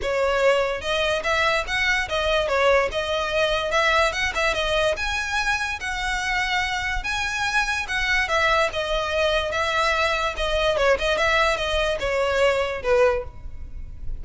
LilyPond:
\new Staff \with { instrumentName = "violin" } { \time 4/4 \tempo 4 = 145 cis''2 dis''4 e''4 | fis''4 dis''4 cis''4 dis''4~ | dis''4 e''4 fis''8 e''8 dis''4 | gis''2 fis''2~ |
fis''4 gis''2 fis''4 | e''4 dis''2 e''4~ | e''4 dis''4 cis''8 dis''8 e''4 | dis''4 cis''2 b'4 | }